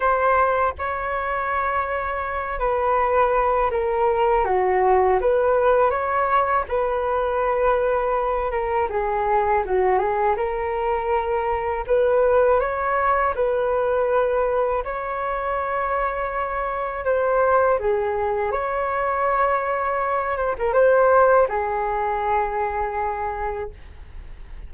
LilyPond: \new Staff \with { instrumentName = "flute" } { \time 4/4 \tempo 4 = 81 c''4 cis''2~ cis''8 b'8~ | b'4 ais'4 fis'4 b'4 | cis''4 b'2~ b'8 ais'8 | gis'4 fis'8 gis'8 ais'2 |
b'4 cis''4 b'2 | cis''2. c''4 | gis'4 cis''2~ cis''8 c''16 ais'16 | c''4 gis'2. | }